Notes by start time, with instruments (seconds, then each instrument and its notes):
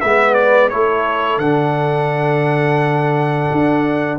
0.00 tuba G#3, trombone B3, horn B4, trumpet E5
0.34 trumpet D5
0.69 tuba A3, trombone E4, horn A4, trumpet C#5
1.37 tuba D3, trombone D4, trumpet F#5
3.51 tuba D4